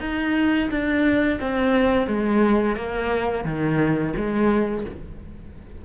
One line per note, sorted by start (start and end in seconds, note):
0.00 0.69 D#4
0.71 1.39 D4
1.40 2.07 C4
2.07 2.76 G#3
2.76 3.44 A#3
3.44 4.13 D#3
4.16 4.85 G#3